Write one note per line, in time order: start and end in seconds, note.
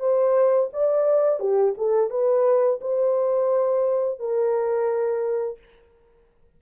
0.00 0.70 C5
0.73 1.40 D5
1.40 1.75 G4
1.78 2.10 A4
2.10 2.80 B4
2.81 4.19 C5
4.19 5.59 A#4